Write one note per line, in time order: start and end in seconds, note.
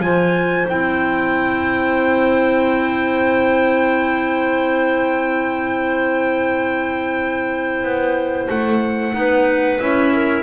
0.00 0.65 F3
0.00 0.67 F4
0.00 9.16 C5
0.00 0.67 G#5
0.68 7.83 C4
0.68 9.13 E4
0.68 8.49 G5
7.83 8.48 B3
8.49 9.14 A3
8.49 9.80 F#5
9.13 9.79 B3
9.13 9.78 D#4
9.13 10.13 B4
9.80 10.43 C#4
9.80 10.43 E4
9.80 10.43 E5
10.13 10.43 A#4